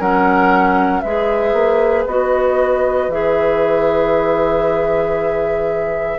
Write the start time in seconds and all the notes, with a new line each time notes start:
0.00 F#3 C#4 A#4 F#5
1.01 G#3 G#4 B4 E5
1.53 A#3
2.06 B3 F#4 D#5
3.08 E3 G#4 E5